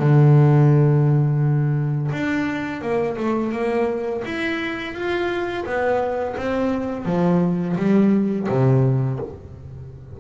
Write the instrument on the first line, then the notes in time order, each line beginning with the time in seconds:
double bass
0.00 D3
2.12 D4
2.82 A#3
3.17 A3
3.52 A#3
4.25 E4
4.94 F4
5.66 B3
6.37 C4
7.06 F3
7.77 G3
8.49 C3